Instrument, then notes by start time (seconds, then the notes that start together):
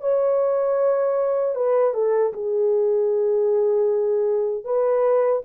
horn
0.00 C#5
1.55 B4
1.93 A4
2.33 G#4
4.64 B4